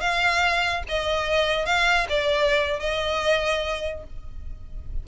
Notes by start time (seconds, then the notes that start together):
0.00 F5
0.88 D#5
1.65 F5
2.09 D5
2.79 D#5